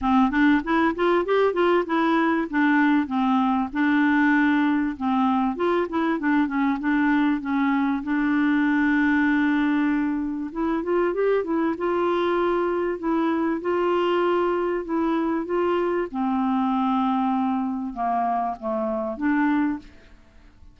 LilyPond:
\new Staff \with { instrumentName = "clarinet" } { \time 4/4 \tempo 4 = 97 c'8 d'8 e'8 f'8 g'8 f'8 e'4 | d'4 c'4 d'2 | c'4 f'8 e'8 d'8 cis'8 d'4 | cis'4 d'2.~ |
d'4 e'8 f'8 g'8 e'8 f'4~ | f'4 e'4 f'2 | e'4 f'4 c'2~ | c'4 ais4 a4 d'4 | }